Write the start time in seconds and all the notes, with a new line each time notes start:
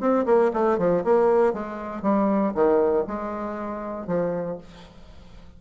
0.00 C4
0.26 A#3
0.53 A3
0.78 F3
1.04 A#3
1.53 G#3
2.02 G3
2.54 D#3
3.07 G#3
4.07 F3